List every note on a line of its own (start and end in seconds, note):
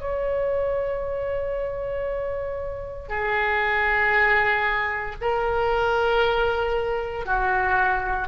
0.00 3.08 C#5
3.08 5.15 G#4
5.21 7.26 A#4
7.26 8.28 F#4